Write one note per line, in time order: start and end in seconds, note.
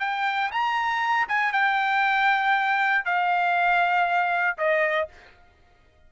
0.00 0.51 G5
0.51 1.28 A#5
1.29 1.53 G#5
1.53 3.05 G5
3.05 4.58 F5
4.58 5.09 D#5